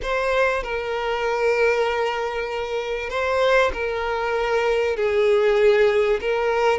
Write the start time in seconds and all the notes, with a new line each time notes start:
0.02 C5
0.63 A#4
3.09 C5
3.73 A#4
4.96 G#4
6.21 A#4